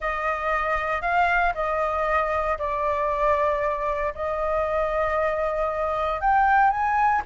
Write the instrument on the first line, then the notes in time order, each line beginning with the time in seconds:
flute
0.00 D#5
1.01 F5
1.54 D#5
2.58 D5
4.14 D#5
6.21 G5
6.70 G#5